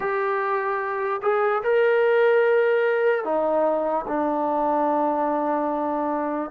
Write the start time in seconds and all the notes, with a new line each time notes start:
0.00 G4
1.22 G#4
1.63 A#4
3.24 D#4
4.07 D4